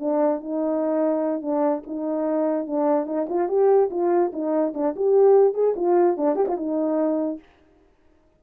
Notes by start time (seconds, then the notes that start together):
0.00 D4
0.41 D#4
1.42 D4
1.87 D#4
2.67 D4
3.07 D#4
3.30 F4
3.49 G4
3.91 F4
4.33 D#4
4.75 D4
4.97 G4
5.54 G#4
5.77 F4
6.18 D4
6.36 G4
6.49 F4
6.57 D#4